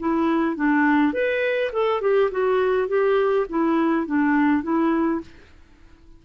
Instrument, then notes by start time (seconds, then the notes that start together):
clarinet
0.00 E4
0.57 D4
1.14 B4
1.73 A4
2.02 G4
2.32 F#4
2.89 G4
3.50 E4
4.07 D4
4.63 E4